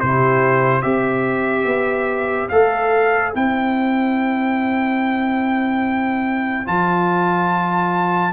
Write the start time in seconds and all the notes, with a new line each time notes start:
0.00 C3 E4 G4 C5
0.82 C4 G4 C5 E5
1.64 B3
2.49 A3 A4 F5
3.34 C4 E4 G5
6.66 F3 F4 A5